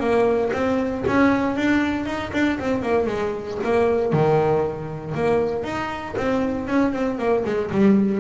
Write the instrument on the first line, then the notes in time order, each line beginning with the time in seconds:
double bass
0.00 A#3
0.53 C4
1.07 C#4
1.56 D4
2.06 D#4
2.33 D4
2.60 C4
2.83 A#3
3.07 G#3
3.64 A#3
4.13 D#3
5.15 A#3
5.64 D#4
6.17 C4
6.68 C#4
6.93 C4
7.18 A#3
7.45 G#3
7.71 G3